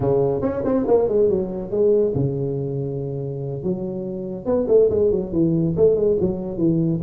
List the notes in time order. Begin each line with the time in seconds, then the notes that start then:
0.00 C#3
0.41 C#4
0.64 C4
0.87 A#3
1.08 G#3
1.29 F#3
1.70 G#3
2.14 C#3
3.63 F#3
4.45 B3
4.68 A3
4.90 G#3
5.11 F#3
5.32 E3
5.76 A3
5.95 G#3
6.20 F#3
6.57 E3